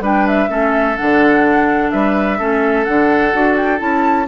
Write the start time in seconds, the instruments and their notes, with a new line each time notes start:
0.00 bassoon G3, clarinet D4, oboe B4, flute G5
0.27 flute E5
0.48 bassoon A3, clarinet C#4, oboe A4
0.97 bassoon D3, clarinet D4, flute F#5
1.91 bassoon G3, oboe B4, flute E5
2.38 bassoon A3, clarinet C#4, oboe A4
2.84 bassoon D3, clarinet D4, flute F#5
3.33 bassoon D4, clarinet F#4
3.56 flute G5
3.78 bassoon C#4, clarinet E4, flute A5